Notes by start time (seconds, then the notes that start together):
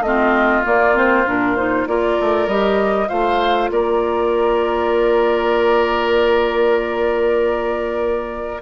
0.00 A3 C4 D#5
0.07 F4
0.64 A#3 D5
0.94 C4 C5
1.26 A#2 D4 A#4
1.56 D#4 C5
1.87 A#3 F4 A#4 D5
2.20 A3
2.47 G3 G4 D#5
3.07 A3 F4 C5 F5
3.71 A#3 A#4 D5